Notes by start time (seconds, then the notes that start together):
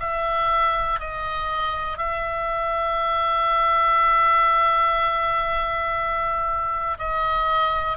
0.00 E5
1.00 D#5
1.98 E5
6.99 D#5